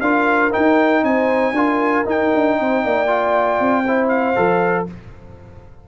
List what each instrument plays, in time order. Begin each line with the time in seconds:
0.00 tuba D4, trombone F4, horn A#4, trumpet F5
0.50 trombone D#4, tuba D#4, trumpet G5
1.03 tuba C4, horn C5, trumpet G#5
1.52 tuba D4, trombone F4, horn A#4
2.05 trombone D#4, tuba D#4, trumpet G5
2.34 tuba D4
2.59 tuba C4, horn C5
2.83 tuba A#3, horn D5
3.07 trombone F4
3.59 tuba C4
3.85 trombone E4, horn C5
4.08 trumpet F5
4.35 tuba F3, trombone A4